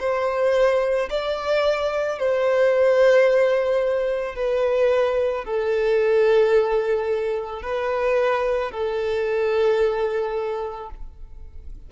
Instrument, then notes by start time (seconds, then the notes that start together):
violin
0.00 C5
1.10 D5
2.19 C5
4.36 B4
5.45 A4
7.63 B4
8.72 A4